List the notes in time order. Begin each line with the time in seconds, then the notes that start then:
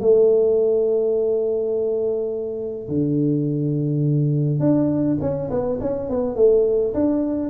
0.00 A3
2.88 D3
4.59 D4
5.20 C#4
5.50 B3
5.80 C#4
6.09 B3
6.35 A3
6.94 D4